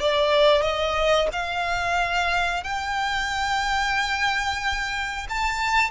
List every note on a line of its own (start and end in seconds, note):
0.00 0.62 D5
0.62 1.28 D#5
1.32 2.63 F5
2.63 5.27 G5
5.29 5.90 A5